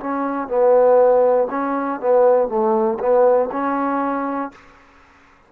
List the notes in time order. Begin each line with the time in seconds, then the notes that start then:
0.00 C#4
0.48 B3
1.50 C#4
2.00 B3
2.48 A3
3.00 B3
3.52 C#4